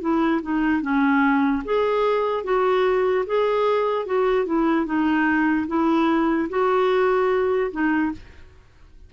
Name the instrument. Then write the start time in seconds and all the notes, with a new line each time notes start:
clarinet
0.00 E4
0.42 D#4
0.81 C#4
1.64 G#4
2.43 F#4
3.25 G#4
4.05 F#4
4.45 E4
4.85 D#4
5.67 E4
6.49 F#4
7.71 D#4